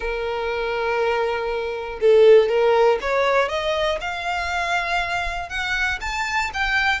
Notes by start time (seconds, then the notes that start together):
0.00 A#4
2.00 A4
2.49 A#4
3.01 C#5
3.48 D#5
4.00 F5
5.49 F#5
6.00 A5
6.53 G5